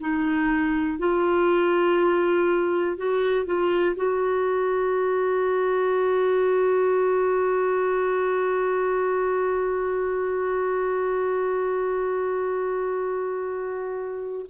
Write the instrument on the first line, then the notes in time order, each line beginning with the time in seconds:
clarinet
0.00 D#4
0.99 F4
2.97 F#4
3.45 F4
3.95 F#4